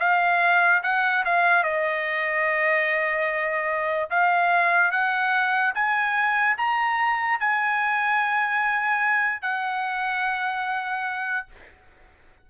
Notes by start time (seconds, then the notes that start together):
0.00 F5
0.83 F#5
1.25 F5
1.63 D#5
4.10 F5
4.91 F#5
5.75 G#5
6.58 A#5
7.40 G#5
9.42 F#5